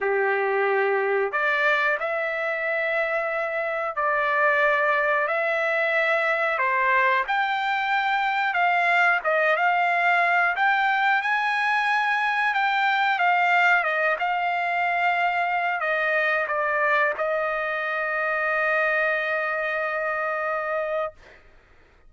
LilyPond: \new Staff \with { instrumentName = "trumpet" } { \time 4/4 \tempo 4 = 91 g'2 d''4 e''4~ | e''2 d''2 | e''2 c''4 g''4~ | g''4 f''4 dis''8 f''4. |
g''4 gis''2 g''4 | f''4 dis''8 f''2~ f''8 | dis''4 d''4 dis''2~ | dis''1 | }